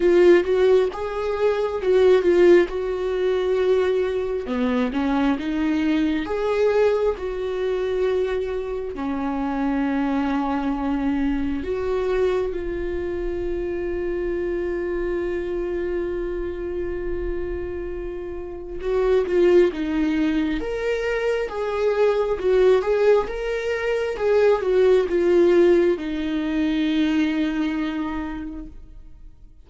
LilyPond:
\new Staff \with { instrumentName = "viola" } { \time 4/4 \tempo 4 = 67 f'8 fis'8 gis'4 fis'8 f'8 fis'4~ | fis'4 b8 cis'8 dis'4 gis'4 | fis'2 cis'2~ | cis'4 fis'4 f'2~ |
f'1~ | f'4 fis'8 f'8 dis'4 ais'4 | gis'4 fis'8 gis'8 ais'4 gis'8 fis'8 | f'4 dis'2. | }